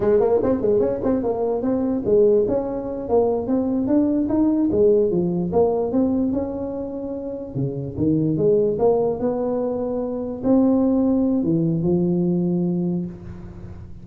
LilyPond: \new Staff \with { instrumentName = "tuba" } { \time 4/4 \tempo 4 = 147 gis8 ais8 c'8 gis8 cis'8 c'8 ais4 | c'4 gis4 cis'4. ais8~ | ais8 c'4 d'4 dis'4 gis8~ | gis8 f4 ais4 c'4 cis'8~ |
cis'2~ cis'8 cis4 dis8~ | dis8 gis4 ais4 b4.~ | b4. c'2~ c'8 | e4 f2. | }